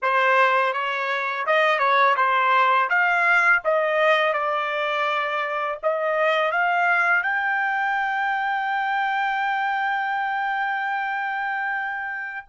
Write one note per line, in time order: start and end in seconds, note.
0.02 0.73 C5
0.73 1.45 C#5
1.46 1.78 D#5
1.78 2.15 C#5
2.16 2.88 C5
2.89 3.61 F5
3.64 4.33 D#5
4.33 5.78 D5
5.82 6.51 D#5
6.51 7.23 F5
7.23 12.47 G5